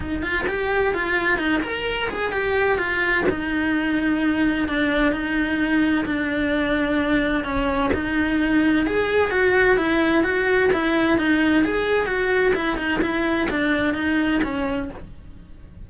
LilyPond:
\new Staff \with { instrumentName = "cello" } { \time 4/4 \tempo 4 = 129 dis'8 f'8 g'4 f'4 dis'8 ais'8~ | ais'8 gis'8 g'4 f'4 dis'4~ | dis'2 d'4 dis'4~ | dis'4 d'2. |
cis'4 dis'2 gis'4 | fis'4 e'4 fis'4 e'4 | dis'4 gis'4 fis'4 e'8 dis'8 | e'4 d'4 dis'4 cis'4 | }